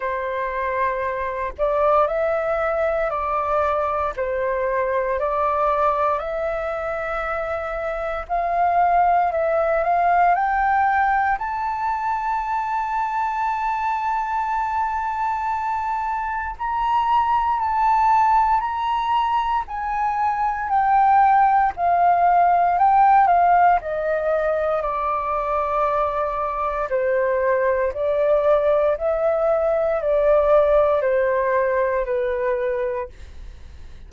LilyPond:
\new Staff \with { instrumentName = "flute" } { \time 4/4 \tempo 4 = 58 c''4. d''8 e''4 d''4 | c''4 d''4 e''2 | f''4 e''8 f''8 g''4 a''4~ | a''1 |
ais''4 a''4 ais''4 gis''4 | g''4 f''4 g''8 f''8 dis''4 | d''2 c''4 d''4 | e''4 d''4 c''4 b'4 | }